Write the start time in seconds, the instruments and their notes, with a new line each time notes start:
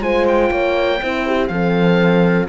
0.00 cello G#3, horn F4 C5, oboe G#5
0.27 oboe G5
0.51 cello A#3, horn C#5
1.02 cello C4, horn E4 C5
1.26 horn G4
1.48 cello F3, horn C4 A4, oboe F5